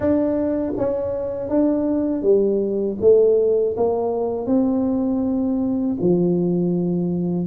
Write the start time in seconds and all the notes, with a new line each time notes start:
0.00 D4
0.77 C#4
1.49 D4
2.22 G3
3.00 A3
3.77 A#3
4.46 C4
6.00 F3